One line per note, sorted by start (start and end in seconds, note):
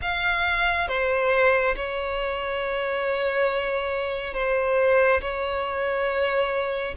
0.01 0.88 F5
0.88 1.75 C5
1.76 4.33 C#5
4.33 5.20 C5
5.21 6.94 C#5